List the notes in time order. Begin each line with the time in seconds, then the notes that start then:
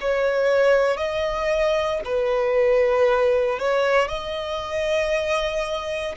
0.00 C#5
0.97 D#5
2.05 B4
3.59 C#5
4.08 D#5